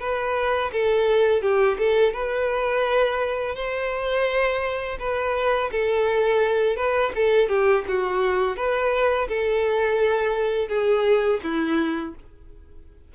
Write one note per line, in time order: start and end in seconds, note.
0.00 0.71 B4
0.72 1.42 A4
1.42 1.78 G4
1.79 2.14 A4
2.14 3.56 B4
3.56 4.98 C5
4.99 5.71 B4
5.72 6.77 A4
6.77 7.12 B4
7.16 7.49 A4
7.49 7.85 G4
7.88 8.57 F#4
8.57 9.28 B4
9.29 10.69 A4
10.69 11.40 G#4
11.44 12.15 E4